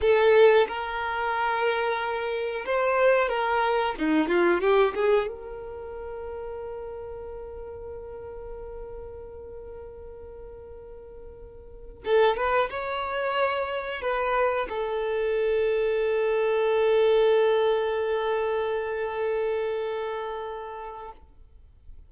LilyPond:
\new Staff \with { instrumentName = "violin" } { \time 4/4 \tempo 4 = 91 a'4 ais'2. | c''4 ais'4 dis'8 f'8 g'8 gis'8 | ais'1~ | ais'1~ |
ais'2~ ais'16 a'8 b'8 cis''8.~ | cis''4~ cis''16 b'4 a'4.~ a'16~ | a'1~ | a'1 | }